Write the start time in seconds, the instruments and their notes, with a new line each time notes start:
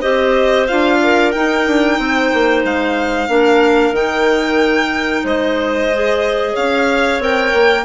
0.00 bassoon C4, clarinet G4 C5, violin D#5
0.68 bassoon D4, clarinet F4, violin F5
1.03 clarinet A#4
1.32 clarinet D#4, bassoon D#4, violin G5
1.67 bassoon D4
1.99 bassoon C4, clarinet C5
2.34 bassoon A#3
2.65 bassoon G#3, violin F5
3.29 bassoon A#3, clarinet D4 A#4
3.92 bassoon D#3, clarinet D#4, violin G5
5.24 bassoon G#3, clarinet C5, violin D#5
5.94 clarinet G#4
6.53 bassoon C#4, clarinet C#5, violin F5
7.20 bassoon C4, clarinet A#4, violin G5
7.54 bassoon A#3